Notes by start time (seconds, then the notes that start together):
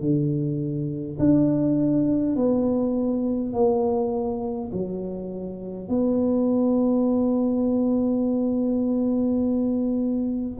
0.00 D3
1.19 D4
2.36 B3
3.53 A#3
4.72 F#3
5.88 B3